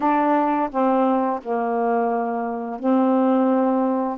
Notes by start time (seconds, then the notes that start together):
0.00 D4
0.70 C4
1.42 A#3
2.79 C4